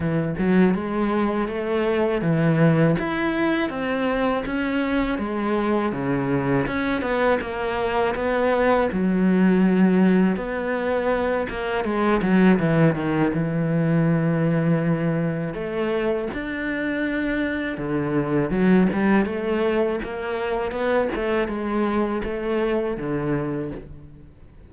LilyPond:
\new Staff \with { instrumentName = "cello" } { \time 4/4 \tempo 4 = 81 e8 fis8 gis4 a4 e4 | e'4 c'4 cis'4 gis4 | cis4 cis'8 b8 ais4 b4 | fis2 b4. ais8 |
gis8 fis8 e8 dis8 e2~ | e4 a4 d'2 | d4 fis8 g8 a4 ais4 | b8 a8 gis4 a4 d4 | }